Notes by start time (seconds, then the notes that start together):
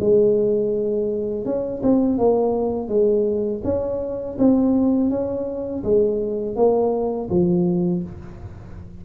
0.00 G#3
1.45 C#4
1.83 C4
2.18 A#3
2.88 G#3
3.64 C#4
4.38 C4
5.10 C#4
5.84 G#3
6.56 A#3
7.30 F3